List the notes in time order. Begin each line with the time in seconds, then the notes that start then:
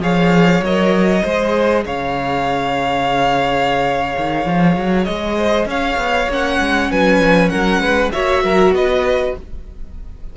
0.00 F3 G#4 C#5 F5
0.61 F#3 A#4 D#5
1.23 G#3 G#4 C5
1.85 C#3 C#5 F5
4.17 D#3
4.46 F3
4.76 F#3
5.04 G#3 D#5
5.37 C5
5.66 C#4 C#5 F5
5.97 B3
6.28 A#3 C#4 F#5
6.60 G#3
6.91 F#3 B4 G#5
7.20 F3
7.49 F#3 A#4 F#5
7.79 G#3 B4
8.12 A#3 F#4 C#5 E5
8.44 F#3 A#4
8.71 B3 B4 D#5